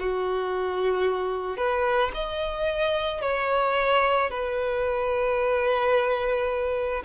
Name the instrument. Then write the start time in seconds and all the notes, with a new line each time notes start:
violin
0.00 F#4
1.57 B4
2.15 D#5
3.22 C#5
4.30 B4